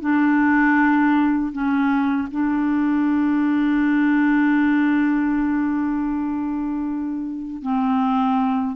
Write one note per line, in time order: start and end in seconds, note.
0.00 1.52 D4
1.52 2.28 C#4
2.31 7.62 D4
7.62 8.75 C4